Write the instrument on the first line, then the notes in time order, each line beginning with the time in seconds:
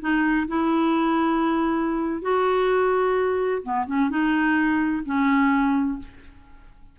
clarinet
0.00 D#4
0.48 E4
2.21 F#4
3.63 B3
3.87 C#4
4.10 D#4
5.05 C#4